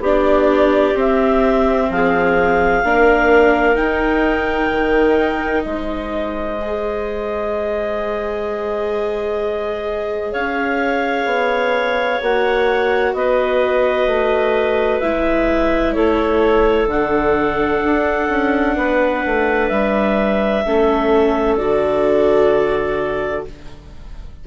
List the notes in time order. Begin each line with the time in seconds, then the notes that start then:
0.00 B3 D4 G4 D5
0.94 C4 E5
1.90 F3 G#4 F5
2.84 A#3 D4 A#4
3.75 D#4 G5
4.71 D#3
5.63 G#3 C5 D#5
6.61 G#4
10.32 C#4 C#5 F5
11.26 B3
12.22 A#3 F#4 F#5
13.14 B3 B4 D#5
14.07 A3
15.00 G#3 E4 E5
15.93 A3 A4 C#5
16.86 D3 D4 F#5
17.84 D4
18.29 C#4
18.76 B3 B4
19.26 A3
19.68 G3 E5
20.65 A3 C#4 A4
21.57 D3 F#4 D5